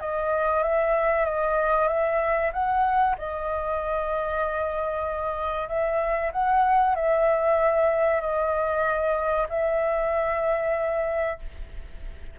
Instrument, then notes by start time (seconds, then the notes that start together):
flute
0.00 D#5
0.63 E5
1.25 D#5
1.88 E5
2.53 F#5
3.18 D#5
5.68 E5
6.32 F#5
6.95 E5
8.21 D#5
9.49 E5